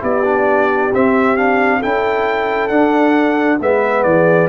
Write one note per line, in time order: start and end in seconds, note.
0.00 0.92 B3
0.00 0.22 E4
0.00 1.79 G4
0.00 0.93 D5
0.24 0.91 D4
0.93 1.82 C4
0.93 1.36 C4
0.93 1.37 E5
1.36 1.81 D4
1.36 1.82 F5
1.79 2.70 C#4
1.79 2.69 E4
1.79 3.58 A4
1.79 2.68 G5
2.68 3.58 D4
2.68 3.60 D4
2.68 3.57 F#5
3.60 4.04 G#3
3.60 4.49 B3
3.60 4.06 B4
3.60 4.03 E5
4.03 4.49 E3
4.03 4.49 G#4
4.03 4.48 D5